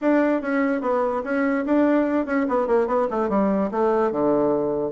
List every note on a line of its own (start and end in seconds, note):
0.01 0.41 D4
0.41 0.81 C#4
0.81 1.22 B3
1.23 1.65 C#4
1.65 2.25 D4
2.25 2.46 C#4
2.48 2.67 B3
2.67 2.87 A#3
2.87 3.07 B3
3.10 3.29 A3
3.29 3.70 G3
3.71 4.11 A3
4.11 4.91 D3